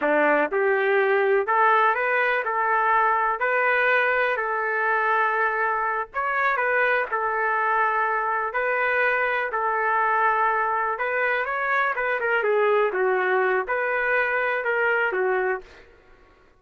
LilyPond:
\new Staff \with { instrumentName = "trumpet" } { \time 4/4 \tempo 4 = 123 d'4 g'2 a'4 | b'4 a'2 b'4~ | b'4 a'2.~ | a'8 cis''4 b'4 a'4.~ |
a'4. b'2 a'8~ | a'2~ a'8 b'4 cis''8~ | cis''8 b'8 ais'8 gis'4 fis'4. | b'2 ais'4 fis'4 | }